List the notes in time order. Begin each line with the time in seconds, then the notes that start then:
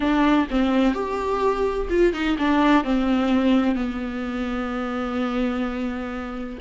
0.00 D4
0.50 C4
0.93 G4
1.89 F4
2.13 D#4
2.38 D4
2.84 C4
3.75 B3